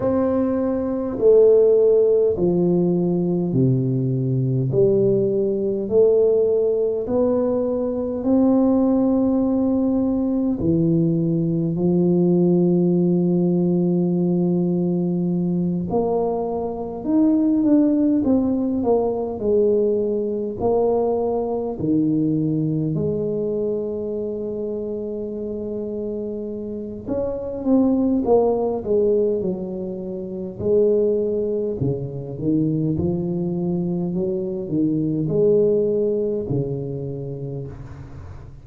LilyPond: \new Staff \with { instrumentName = "tuba" } { \time 4/4 \tempo 4 = 51 c'4 a4 f4 c4 | g4 a4 b4 c'4~ | c'4 e4 f2~ | f4. ais4 dis'8 d'8 c'8 |
ais8 gis4 ais4 dis4 gis8~ | gis2. cis'8 c'8 | ais8 gis8 fis4 gis4 cis8 dis8 | f4 fis8 dis8 gis4 cis4 | }